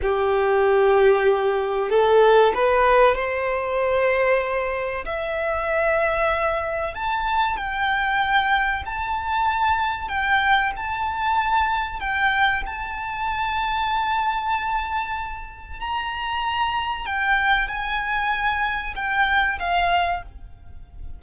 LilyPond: \new Staff \with { instrumentName = "violin" } { \time 4/4 \tempo 4 = 95 g'2. a'4 | b'4 c''2. | e''2. a''4 | g''2 a''2 |
g''4 a''2 g''4 | a''1~ | a''4 ais''2 g''4 | gis''2 g''4 f''4 | }